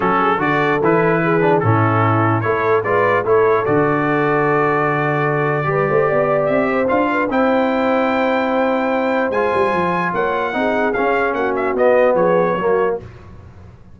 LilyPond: <<
  \new Staff \with { instrumentName = "trumpet" } { \time 4/4 \tempo 4 = 148 a'4 d''4 b'2 | a'2 cis''4 d''4 | cis''4 d''2.~ | d''1 |
e''4 f''4 g''2~ | g''2. gis''4~ | gis''4 fis''2 f''4 | fis''8 e''8 dis''4 cis''2 | }
  \new Staff \with { instrumentName = "horn" } { \time 4/4 fis'8 gis'8 a'2 gis'4 | e'2 a'4 b'4 | a'1~ | a'2 b'8 c''8 d''4~ |
d''8 c''4 b'8 c''2~ | c''1~ | c''4 cis''4 gis'2 | fis'2 gis'4 fis'4 | }
  \new Staff \with { instrumentName = "trombone" } { \time 4/4 cis'4 fis'4 e'4. d'8 | cis'2 e'4 f'4 | e'4 fis'2.~ | fis'2 g'2~ |
g'4 f'4 e'2~ | e'2. f'4~ | f'2 dis'4 cis'4~ | cis'4 b2 ais4 | }
  \new Staff \with { instrumentName = "tuba" } { \time 4/4 fis4 d4 e2 | a,2 a4 gis4 | a4 d2.~ | d2 g8 a8 b4 |
c'4 d'4 c'2~ | c'2. gis8 g8 | f4 ais4 c'4 cis'4 | ais4 b4 f4 fis4 | }
>>